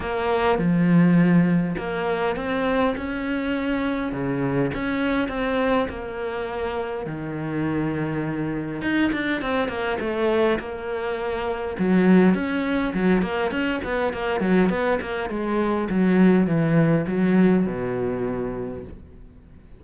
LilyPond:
\new Staff \with { instrumentName = "cello" } { \time 4/4 \tempo 4 = 102 ais4 f2 ais4 | c'4 cis'2 cis4 | cis'4 c'4 ais2 | dis2. dis'8 d'8 |
c'8 ais8 a4 ais2 | fis4 cis'4 fis8 ais8 cis'8 b8 | ais8 fis8 b8 ais8 gis4 fis4 | e4 fis4 b,2 | }